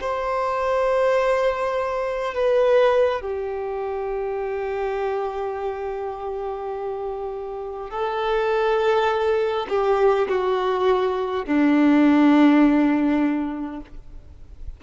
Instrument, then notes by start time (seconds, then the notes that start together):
violin
0.00 C5
2.34 B4
3.21 G4
7.90 A4
9.68 G4
10.28 F#4
11.45 D4